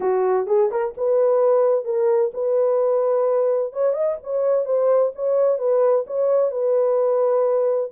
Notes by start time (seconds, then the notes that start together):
0.00 F#4
0.47 G#4
0.71 A#4
0.97 B4
1.85 A#4
2.33 B4
3.72 C#5
3.93 D#5
4.23 C#5
4.65 C5
5.15 C#5
5.58 B4
6.06 C#5
6.51 B4